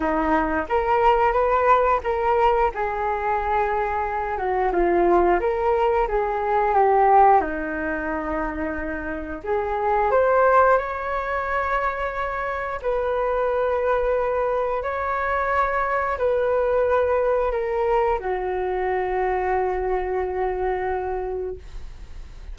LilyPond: \new Staff \with { instrumentName = "flute" } { \time 4/4 \tempo 4 = 89 dis'4 ais'4 b'4 ais'4 | gis'2~ gis'8 fis'8 f'4 | ais'4 gis'4 g'4 dis'4~ | dis'2 gis'4 c''4 |
cis''2. b'4~ | b'2 cis''2 | b'2 ais'4 fis'4~ | fis'1 | }